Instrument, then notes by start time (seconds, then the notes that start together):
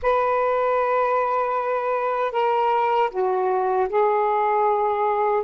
saxophone
0.02 B4
2.32 A#4
3.10 F#4
3.89 G#4